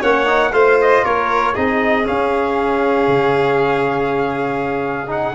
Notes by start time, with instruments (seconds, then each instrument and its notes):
0.00 tuba A#3, trombone C#4, violin C#5, trumpet F#5
0.26 trombone D#4
0.52 tuba A3, trombone F4, violin C5, trumpet F5
0.81 trumpet D#5
1.04 tuba A#3, violin A#4, trumpet C#5
1.54 tuba C4, trombone D#4, violin G#4, trumpet D#5
2.03 trombone C#4, tuba C#4, trumpet F5
3.07 tuba C#3
5.07 trombone D#4, trumpet F#5